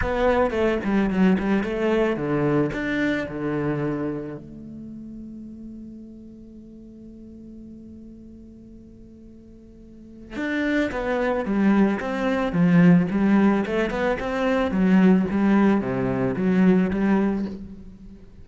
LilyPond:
\new Staff \with { instrumentName = "cello" } { \time 4/4 \tempo 4 = 110 b4 a8 g8 fis8 g8 a4 | d4 d'4 d2 | a1~ | a1~ |
a2. d'4 | b4 g4 c'4 f4 | g4 a8 b8 c'4 fis4 | g4 c4 fis4 g4 | }